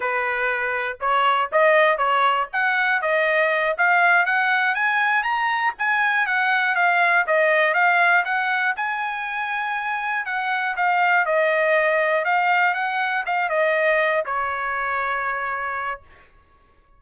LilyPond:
\new Staff \with { instrumentName = "trumpet" } { \time 4/4 \tempo 4 = 120 b'2 cis''4 dis''4 | cis''4 fis''4 dis''4. f''8~ | f''8 fis''4 gis''4 ais''4 gis''8~ | gis''8 fis''4 f''4 dis''4 f''8~ |
f''8 fis''4 gis''2~ gis''8~ | gis''8 fis''4 f''4 dis''4.~ | dis''8 f''4 fis''4 f''8 dis''4~ | dis''8 cis''2.~ cis''8 | }